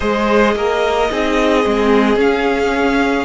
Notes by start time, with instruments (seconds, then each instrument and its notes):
0.00 cello G#3, viola G#4, violin C5 D#5
0.55 cello A#3, violin A#4
1.10 cello C4, viola D#4, violin G#4
1.63 cello G#3, viola C4
2.16 cello C#4, viola C#4, violin F5